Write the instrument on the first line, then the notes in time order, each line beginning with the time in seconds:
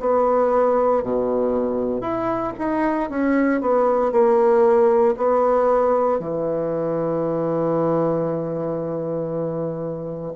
bassoon
0.00 B3
1.03 B2
2.01 E4
2.59 D#4
3.10 C#4
3.61 B3
4.12 A#3
5.17 B3
6.20 E3